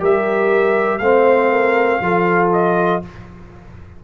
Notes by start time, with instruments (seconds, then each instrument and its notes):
0.00 tuba G3, trombone G4, horn A#4, trumpet E5
0.98 tuba A3, trombone C4, horn C5, trumpet F5
1.51 horn A#4
2.01 tuba F3, trombone F4, horn A4
2.52 trumpet D#5